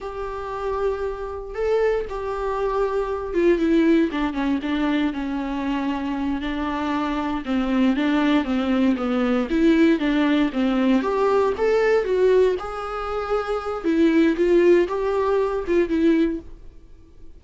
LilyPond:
\new Staff \with { instrumentName = "viola" } { \time 4/4 \tempo 4 = 117 g'2. a'4 | g'2~ g'8 f'8 e'4 | d'8 cis'8 d'4 cis'2~ | cis'8 d'2 c'4 d'8~ |
d'8 c'4 b4 e'4 d'8~ | d'8 c'4 g'4 a'4 fis'8~ | fis'8 gis'2~ gis'8 e'4 | f'4 g'4. f'8 e'4 | }